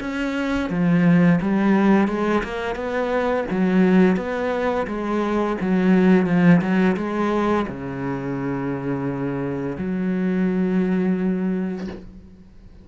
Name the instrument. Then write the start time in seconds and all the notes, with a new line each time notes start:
cello
0.00 C#4
0.70 F3
1.41 G3
2.08 G#3
2.44 A#3
2.75 B3
3.51 F#3
4.17 B3
4.87 G#3
5.61 F#3
6.26 F3
6.61 F#3
6.96 G#3
7.68 C#3
9.78 F#3